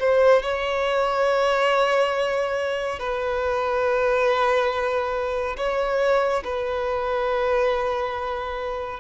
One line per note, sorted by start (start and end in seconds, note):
0.00 0.43 C5
0.43 3.00 C#5
3.00 5.57 B4
5.58 6.44 C#5
6.44 9.00 B4